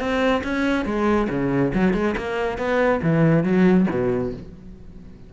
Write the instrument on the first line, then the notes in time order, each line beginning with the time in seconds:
cello
0.00 C4
0.44 C#4
0.86 G#3
1.30 C#3
1.74 F#3
1.94 G#3
2.17 A#3
2.58 B3
3.03 E3
3.44 F#3
3.91 B2